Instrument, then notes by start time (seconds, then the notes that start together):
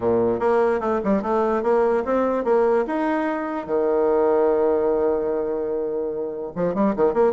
bassoon
0.00 A#2
0.39 A#3
0.80 A3
1.04 G3
1.22 A3
1.63 A#3
2.05 C4
2.44 A#3
2.86 D#4
3.66 D#3
6.55 F3
6.74 G3
6.96 D#3
7.13 A#3